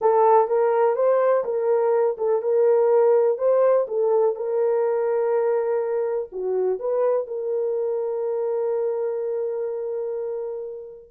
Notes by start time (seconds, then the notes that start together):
0.01 A4
0.47 A#4
0.95 C5
1.44 A#4
2.17 A4
2.42 A#4
3.38 C5
3.87 A4
4.35 A#4
6.32 F#4
6.79 B4
7.27 A#4